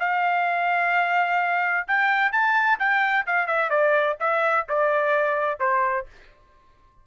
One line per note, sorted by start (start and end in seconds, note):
0.00 1.87 F5
1.88 2.32 G5
2.32 2.79 A5
2.80 3.26 G5
3.27 3.47 F5
3.47 3.70 E5
3.70 4.17 D5
4.20 4.67 E5
4.69 5.60 D5
5.60 6.07 C5